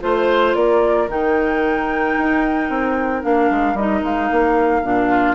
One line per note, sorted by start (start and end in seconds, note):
0.00 0.54 A3
0.00 1.07 F4
0.00 0.54 C5
0.00 0.57 C5
0.54 1.08 A#3
0.54 5.08 A#4
0.54 1.08 D5
1.08 2.15 D#3
1.08 3.21 D#4
1.08 3.23 G5
2.17 2.69 D#4
2.69 3.23 C4
3.21 3.50 A#3
3.21 3.75 D4
3.21 3.76 F5
3.50 3.74 G#3
3.74 4.00 G3
3.74 4.83 D#4
3.74 4.03 D#5
4.03 4.29 G#3
4.03 5.35 F5
4.31 4.83 A#3
4.83 5.35 A#2
4.83 5.35 D4
5.08 5.35 F4